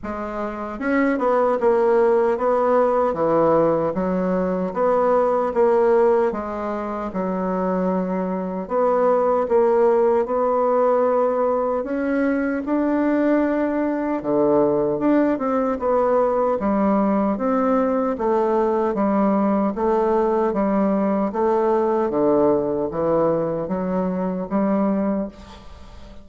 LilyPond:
\new Staff \with { instrumentName = "bassoon" } { \time 4/4 \tempo 4 = 76 gis4 cis'8 b8 ais4 b4 | e4 fis4 b4 ais4 | gis4 fis2 b4 | ais4 b2 cis'4 |
d'2 d4 d'8 c'8 | b4 g4 c'4 a4 | g4 a4 g4 a4 | d4 e4 fis4 g4 | }